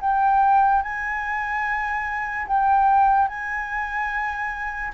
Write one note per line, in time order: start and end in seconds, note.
0.00 0.82 G5
0.82 2.46 G#5
2.47 3.28 G5
3.28 4.92 G#5